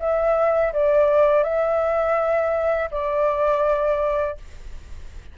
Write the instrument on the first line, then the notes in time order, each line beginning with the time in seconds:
flute
0.00 E5
0.74 D5
1.44 E5
2.92 D5